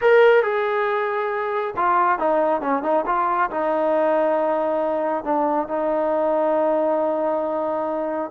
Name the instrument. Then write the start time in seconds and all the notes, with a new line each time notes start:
trombone
0.01 A#4
0.43 G#4
1.76 F4
2.18 D#4
2.61 C#4
2.82 D#4
3.06 F4
3.50 D#4
5.24 D4
5.68 D#4